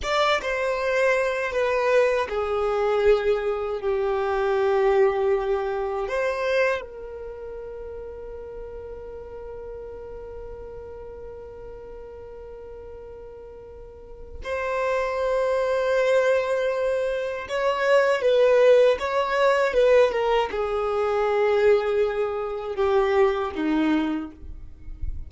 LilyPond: \new Staff \with { instrumentName = "violin" } { \time 4/4 \tempo 4 = 79 d''8 c''4. b'4 gis'4~ | gis'4 g'2. | c''4 ais'2.~ | ais'1~ |
ais'2. c''4~ | c''2. cis''4 | b'4 cis''4 b'8 ais'8 gis'4~ | gis'2 g'4 dis'4 | }